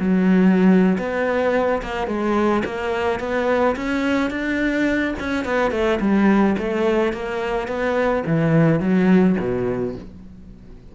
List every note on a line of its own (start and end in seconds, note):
0.00 0.98 F#3
0.98 1.82 B3
1.83 2.08 A#3
2.08 2.64 G#3
2.65 3.20 A#3
3.20 3.76 B3
3.76 4.31 C#4
4.31 5.15 D4
5.20 5.45 C#4
5.45 5.71 B3
5.71 5.99 A3
6.01 6.57 G3
6.58 7.13 A3
7.13 7.68 A#3
7.68 8.24 B3
8.27 8.81 E3
8.81 9.37 F#3
9.40 9.96 B2